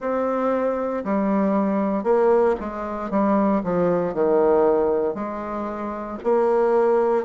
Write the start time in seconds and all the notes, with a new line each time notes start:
0.00 C4
1.04 G3
2.03 A#3
2.60 G#3
3.10 G3
3.63 F3
4.14 D#3
5.14 G#3
6.23 A#3